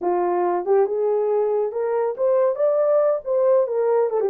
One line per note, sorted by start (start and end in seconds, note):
0.01 0.65 F4
0.65 0.85 G4
0.85 1.72 G#4
1.72 2.15 A#4
2.17 2.55 C5
2.55 3.20 D5
3.24 3.67 C5
3.67 4.09 A#4
4.09 4.20 A4
4.20 4.29 G4